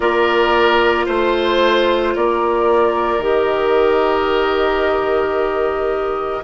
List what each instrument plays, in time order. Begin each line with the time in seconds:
0.00 bassoon A#3, clarinet F4, oboe A#4, flute D5
1.06 bassoon A3, oboe C5, flute C5
2.15 bassoon A#3, oboe A#4, flute D5
3.18 bassoon D#3, clarinet G4, flute D#5